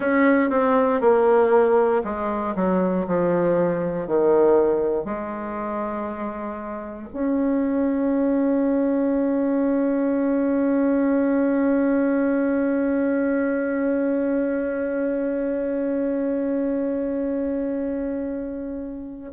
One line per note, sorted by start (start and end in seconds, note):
0.00 0.50 C#4
0.50 1.00 C4
1.00 2.02 A#3
2.03 2.54 G#3
2.55 3.06 F#3
3.07 4.07 F3
4.07 5.04 D#3
5.04 7.08 G#3
7.13 19.32 C#4